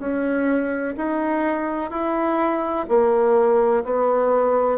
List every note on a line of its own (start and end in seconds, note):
0.00 0.95 C#4
0.97 1.91 D#4
1.91 2.86 E4
2.89 3.84 A#3
3.84 4.79 B3